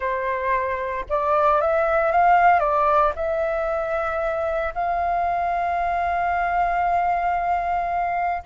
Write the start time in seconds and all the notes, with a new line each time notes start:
0.00 C5
1.09 D5
1.61 E5
2.11 F5
2.59 D5
3.15 E5
4.74 F5